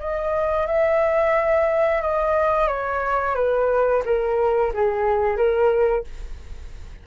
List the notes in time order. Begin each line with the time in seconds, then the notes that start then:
0.00 D#5
0.67 E5
2.02 D#5
2.68 C#5
3.36 B4
4.05 A#4
4.74 G#4
5.37 A#4